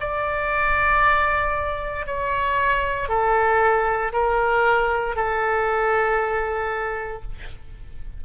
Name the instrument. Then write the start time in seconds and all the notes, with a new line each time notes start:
oboe
0.00 D5
2.06 C#5
3.08 A4
4.13 A#4
5.16 A4